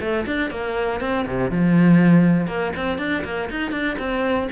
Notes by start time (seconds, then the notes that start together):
0.00 A3
0.26 D4
0.50 A#3
1.00 C4
1.27 C3
1.50 F3
2.47 A#3
2.76 C4
2.98 D4
3.24 A#3
3.50 D#4
3.71 D4
3.98 C4